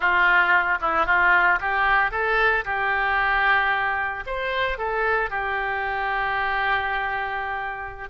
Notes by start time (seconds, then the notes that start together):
0.00 F4
0.81 E4
1.06 F4
1.60 G4
2.11 A4
2.64 G4
4.26 C5
4.77 A4
5.30 G4